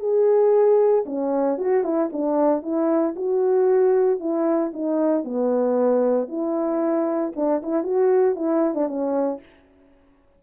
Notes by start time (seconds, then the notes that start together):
0.00 G#4
1.06 C#4
1.58 F#4
1.84 E4
2.12 D4
2.63 E4
3.16 F#4
4.20 E4
4.74 D#4
5.24 B3
6.28 E4
7.36 D4
7.63 E4
7.84 F#4
8.35 E4
8.75 D4
8.88 C#4